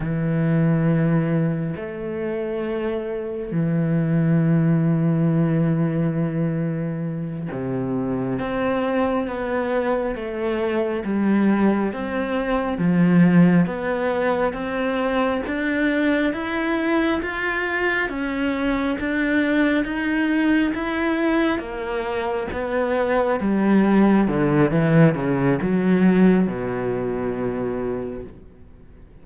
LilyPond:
\new Staff \with { instrumentName = "cello" } { \time 4/4 \tempo 4 = 68 e2 a2 | e1~ | e8 c4 c'4 b4 a8~ | a8 g4 c'4 f4 b8~ |
b8 c'4 d'4 e'4 f'8~ | f'8 cis'4 d'4 dis'4 e'8~ | e'8 ais4 b4 g4 d8 | e8 cis8 fis4 b,2 | }